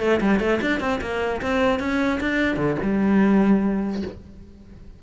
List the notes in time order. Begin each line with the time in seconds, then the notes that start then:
0.00 A3
0.21 G3
0.40 A3
0.61 D4
0.80 C4
1.01 A#3
1.41 C4
1.80 C#4
2.20 D4
2.57 D3
2.82 G3